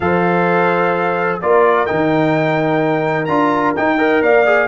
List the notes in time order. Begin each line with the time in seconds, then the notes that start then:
0.00 F3 A4 C5 F5
1.40 A#3 F4 A#4 D5
1.86 D#3 D#4 G5
3.25 D4 F4 A#5
3.76 D#4 G5
3.98 A#4 D#5
4.21 A#3 D5 F5
4.45 G#4